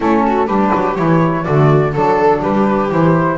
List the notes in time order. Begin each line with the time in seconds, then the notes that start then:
0.00 A3 C#4 E4 A4
0.26 F#4
0.47 G3 D4 G4 B4
0.74 F#3
0.95 E3 E4 C#5
1.44 D3 A3 F#4 D5
1.93 F#3 D4 A4
2.40 G3 G4 B4
2.89 E3 E4 C5